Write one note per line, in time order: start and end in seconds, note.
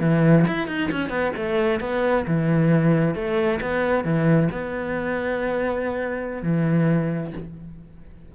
0.00 0.45 E3
0.47 0.67 E4
0.67 0.90 D#4
0.91 1.09 C#4
1.09 1.32 B3
1.36 1.80 A3
1.80 2.25 B3
2.27 3.15 E3
3.15 3.60 A3
3.61 4.04 B3
4.04 4.49 E3
4.51 6.43 B3
6.43 7.33 E3